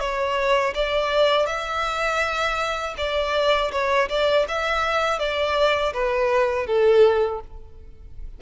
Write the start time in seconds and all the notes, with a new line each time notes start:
0.00 C#5
0.75 D5
1.47 E5
2.98 D5
3.72 C#5
4.09 D5
4.48 E5
5.20 D5
5.94 B4
6.67 A4